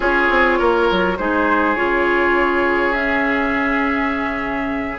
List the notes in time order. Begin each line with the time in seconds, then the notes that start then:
0.00 C#4 F4 G#4 C#5
0.30 C4
0.58 A#3 A#4
0.90 F#3
1.17 G#3 D#4 G#4 C5
1.75 C#3 F4 C#5
2.92 C#4 E5